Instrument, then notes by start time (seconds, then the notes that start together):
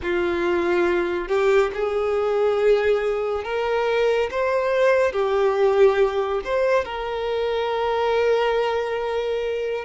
violin
0.02 F4
1.28 G4
1.74 G#4
3.44 A#4
4.31 C5
5.12 G4
6.44 C5
6.84 A#4